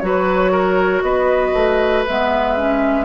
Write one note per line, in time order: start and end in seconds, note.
0.00 1.03 F#3
0.00 2.06 F#4
0.00 0.52 B4
0.00 1.02 C#5
0.52 1.03 A#4
1.02 1.54 B3
1.02 3.05 B4
1.02 2.04 D#5
1.54 2.05 A3
2.06 3.05 G#3
2.06 2.57 B3
2.06 3.05 E5
2.57 3.05 C#4